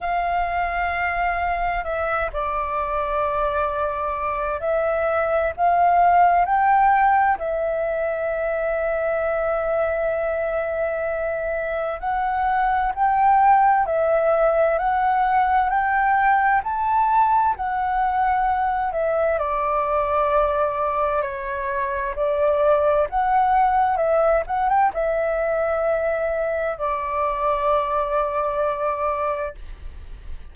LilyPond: \new Staff \with { instrumentName = "flute" } { \time 4/4 \tempo 4 = 65 f''2 e''8 d''4.~ | d''4 e''4 f''4 g''4 | e''1~ | e''4 fis''4 g''4 e''4 |
fis''4 g''4 a''4 fis''4~ | fis''8 e''8 d''2 cis''4 | d''4 fis''4 e''8 fis''16 g''16 e''4~ | e''4 d''2. | }